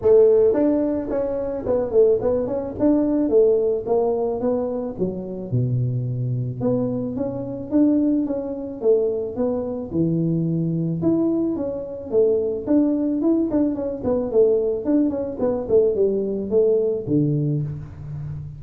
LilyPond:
\new Staff \with { instrumentName = "tuba" } { \time 4/4 \tempo 4 = 109 a4 d'4 cis'4 b8 a8 | b8 cis'8 d'4 a4 ais4 | b4 fis4 b,2 | b4 cis'4 d'4 cis'4 |
a4 b4 e2 | e'4 cis'4 a4 d'4 | e'8 d'8 cis'8 b8 a4 d'8 cis'8 | b8 a8 g4 a4 d4 | }